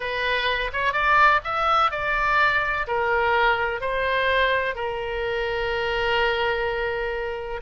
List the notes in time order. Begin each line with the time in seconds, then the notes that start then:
0.00 B4
0.72 C#5
0.92 D5
1.44 E5
1.91 D5
2.87 A#4
3.81 C5
4.75 A#4